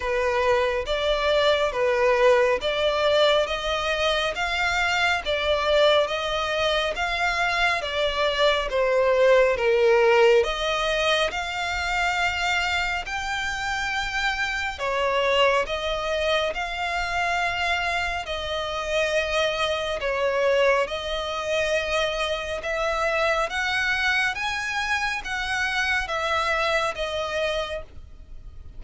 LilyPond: \new Staff \with { instrumentName = "violin" } { \time 4/4 \tempo 4 = 69 b'4 d''4 b'4 d''4 | dis''4 f''4 d''4 dis''4 | f''4 d''4 c''4 ais'4 | dis''4 f''2 g''4~ |
g''4 cis''4 dis''4 f''4~ | f''4 dis''2 cis''4 | dis''2 e''4 fis''4 | gis''4 fis''4 e''4 dis''4 | }